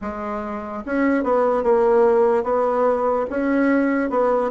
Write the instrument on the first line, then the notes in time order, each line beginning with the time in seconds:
bassoon
0.01 G#3
0.85 C#4
1.23 B3
1.63 A#3
2.43 B3
3.30 C#4
4.09 B3